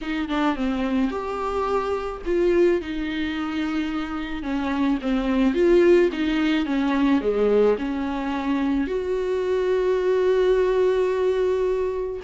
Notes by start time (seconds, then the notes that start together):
0.01 D#4
0.29 D4
0.55 C4
1.11 G4
2.25 F4
2.81 D#4
4.42 C#4
5.01 C4
5.54 F4
6.12 D#4
6.65 C#4
7.21 G#3
7.78 C#4
8.87 F#4